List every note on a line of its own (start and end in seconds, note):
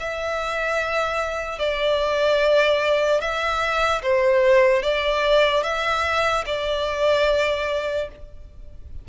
0.00 1.59 E5
1.59 3.21 D5
3.21 4.02 E5
4.03 4.83 C5
4.83 5.64 D5
5.64 6.45 E5
6.47 8.09 D5